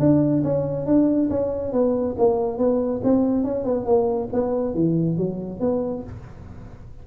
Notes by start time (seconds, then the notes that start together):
0.00 D4
0.44 C#4
0.86 D4
1.30 C#4
1.73 B3
2.18 A#3
2.58 B3
3.04 C4
3.44 C#4
3.65 B3
3.86 A#3
4.33 B3
4.75 E3
5.18 F#3
5.60 B3